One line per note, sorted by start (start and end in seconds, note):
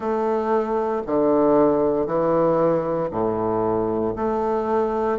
0.00 1.02 A3
1.06 2.06 D3
2.06 3.09 E3
3.10 4.14 A2
4.16 5.18 A3